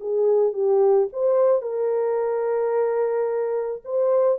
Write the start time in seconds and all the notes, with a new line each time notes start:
0.00 G#4
0.53 G4
1.12 C5
1.61 A#4
3.84 C5